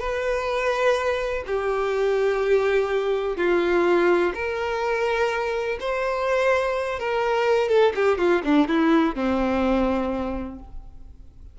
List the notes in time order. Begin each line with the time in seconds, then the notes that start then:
0.00 B4
1.47 G4
3.37 F4
4.35 A#4
5.80 C5
6.99 A#4
7.69 A4
7.95 G4
8.18 F4
8.45 D4
8.68 E4
9.15 C4